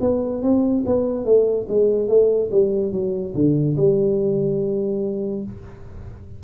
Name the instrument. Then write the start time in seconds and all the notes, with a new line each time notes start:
tuba
0.00 B3
0.42 C4
0.85 B3
1.25 A3
1.68 G#3
2.08 A3
2.51 G3
2.92 F#3
3.34 D3
3.76 G3